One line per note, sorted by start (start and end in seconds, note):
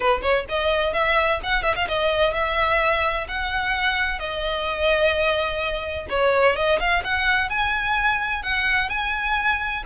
0.00 0.21 B4
0.22 0.45 C#5
0.48 0.93 D#5
0.93 1.40 E5
1.43 1.63 F#5
1.63 1.74 E5
1.75 1.87 F5
1.87 2.33 D#5
2.33 3.27 E5
3.28 4.19 F#5
4.19 6.06 D#5
6.09 6.55 C#5
6.55 6.79 D#5
6.79 7.02 F5
7.04 7.49 F#5
7.49 8.43 G#5
8.43 8.89 F#5
8.89 9.83 G#5